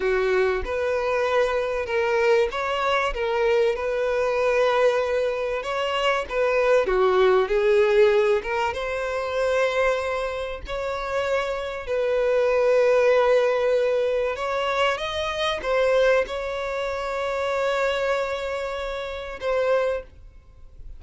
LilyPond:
\new Staff \with { instrumentName = "violin" } { \time 4/4 \tempo 4 = 96 fis'4 b'2 ais'4 | cis''4 ais'4 b'2~ | b'4 cis''4 b'4 fis'4 | gis'4. ais'8 c''2~ |
c''4 cis''2 b'4~ | b'2. cis''4 | dis''4 c''4 cis''2~ | cis''2. c''4 | }